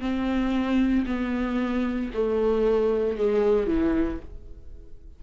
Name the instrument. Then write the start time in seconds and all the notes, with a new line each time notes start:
viola
0.00 C4
1.06 B3
2.14 A3
3.17 G#3
3.67 E3